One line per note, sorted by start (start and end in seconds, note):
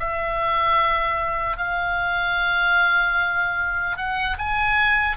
0.00 1.58 E5
1.58 3.97 F5
3.97 4.37 F#5
4.39 5.18 G#5